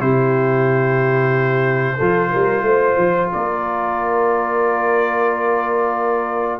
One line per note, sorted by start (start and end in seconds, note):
0.00 1.99 C3
0.00 1.98 E4
0.00 1.97 G4
0.00 3.31 C5
1.97 2.34 F3
1.97 6.60 F4
1.97 2.30 A4
2.31 2.62 G3
2.31 2.64 A#4
2.62 2.95 A3
2.62 3.32 C5
2.98 3.30 F3
3.33 6.60 A#3
3.33 6.60 A#4
3.33 6.60 D5